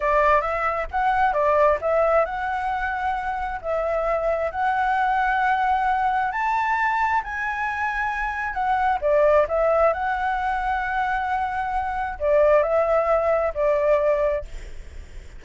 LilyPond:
\new Staff \with { instrumentName = "flute" } { \time 4/4 \tempo 4 = 133 d''4 e''4 fis''4 d''4 | e''4 fis''2. | e''2 fis''2~ | fis''2 a''2 |
gis''2. fis''4 | d''4 e''4 fis''2~ | fis''2. d''4 | e''2 d''2 | }